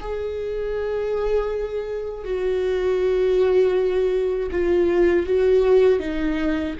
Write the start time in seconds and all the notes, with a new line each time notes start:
0.00 G#4
2.25 F#4
4.51 F4
5.26 F#4
5.99 D#4